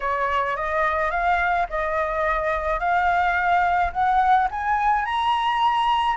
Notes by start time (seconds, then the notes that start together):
0.00 C#5
0.56 D#5
1.11 F5
1.69 D#5
2.79 F5
3.92 F#5
4.50 G#5
5.05 A#5